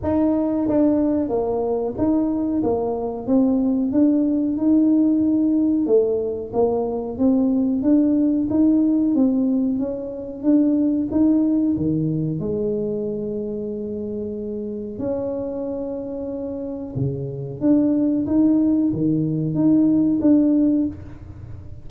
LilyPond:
\new Staff \with { instrumentName = "tuba" } { \time 4/4 \tempo 4 = 92 dis'4 d'4 ais4 dis'4 | ais4 c'4 d'4 dis'4~ | dis'4 a4 ais4 c'4 | d'4 dis'4 c'4 cis'4 |
d'4 dis'4 dis4 gis4~ | gis2. cis'4~ | cis'2 cis4 d'4 | dis'4 dis4 dis'4 d'4 | }